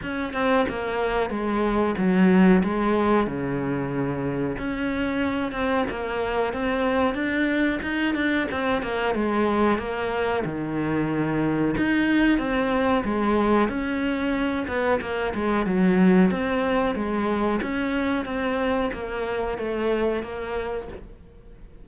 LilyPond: \new Staff \with { instrumentName = "cello" } { \time 4/4 \tempo 4 = 92 cis'8 c'8 ais4 gis4 fis4 | gis4 cis2 cis'4~ | cis'8 c'8 ais4 c'4 d'4 | dis'8 d'8 c'8 ais8 gis4 ais4 |
dis2 dis'4 c'4 | gis4 cis'4. b8 ais8 gis8 | fis4 c'4 gis4 cis'4 | c'4 ais4 a4 ais4 | }